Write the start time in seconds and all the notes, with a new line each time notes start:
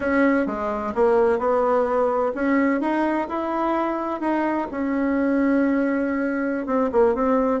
0.00 C#4
0.46 G#3
0.94 A#3
1.38 B3
2.35 C#4
2.80 D#4
3.28 E4
4.20 D#4
4.71 C#4
6.66 C4
6.92 A#3
7.14 C4